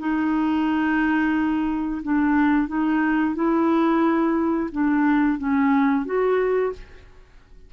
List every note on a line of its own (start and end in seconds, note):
0.00 2.02 D#4
2.03 2.68 D4
2.68 3.36 D#4
3.36 4.70 E4
4.73 5.39 D4
5.39 6.06 C#4
6.06 6.73 F#4